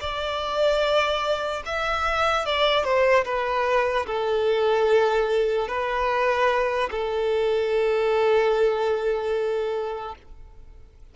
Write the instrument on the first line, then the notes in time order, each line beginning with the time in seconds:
violin
0.00 D5
1.65 E5
2.45 D5
2.83 C5
3.24 B4
4.06 A4
5.68 B4
6.90 A4